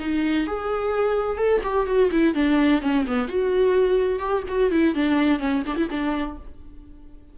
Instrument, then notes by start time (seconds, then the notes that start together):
viola
0.00 D#4
0.47 G#4
1.38 A4
1.64 G4
1.87 F#4
2.12 E4
2.35 D4
2.82 C#4
3.07 B3
3.28 F#4
4.20 G4
4.49 F#4
4.72 E4
4.95 D4
5.40 C#4
5.67 D4
5.77 E4
5.91 D4